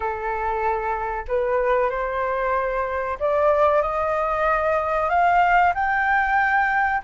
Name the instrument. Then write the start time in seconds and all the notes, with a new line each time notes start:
flute
0.00 A4
1.28 B4
1.90 C5
3.19 D5
3.82 D#5
5.09 F5
5.74 G5